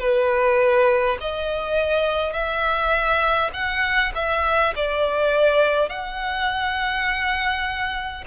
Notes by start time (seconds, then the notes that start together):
0.00 B4
1.21 D#5
2.33 E5
3.54 F#5
4.16 E5
4.76 D5
5.89 F#5